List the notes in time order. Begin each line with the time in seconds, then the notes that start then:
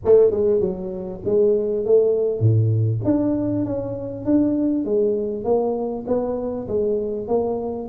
0.04 A3
0.31 G#3
0.60 F#3
1.25 G#3
1.85 A3
2.39 A2
3.04 D4
3.65 C#4
4.25 D4
4.84 G#3
5.44 A#3
6.07 B3
6.67 G#3
7.27 A#3